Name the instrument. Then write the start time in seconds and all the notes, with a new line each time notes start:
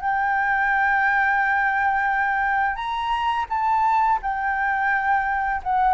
flute
0.00 G5
2.75 A#5
3.49 A5
4.22 G5
5.63 F#5